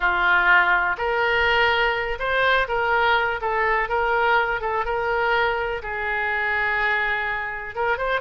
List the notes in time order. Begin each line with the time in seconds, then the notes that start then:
0.00 F4
0.97 A#4
2.19 C5
2.67 A#4
3.41 A4
3.88 A#4
4.61 A4
4.85 A#4
5.82 G#4
7.75 A#4
7.97 C5